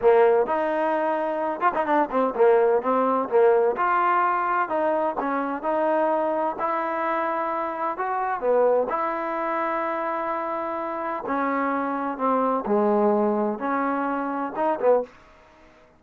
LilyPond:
\new Staff \with { instrumentName = "trombone" } { \time 4/4 \tempo 4 = 128 ais4 dis'2~ dis'8 f'16 dis'16 | d'8 c'8 ais4 c'4 ais4 | f'2 dis'4 cis'4 | dis'2 e'2~ |
e'4 fis'4 b4 e'4~ | e'1 | cis'2 c'4 gis4~ | gis4 cis'2 dis'8 b8 | }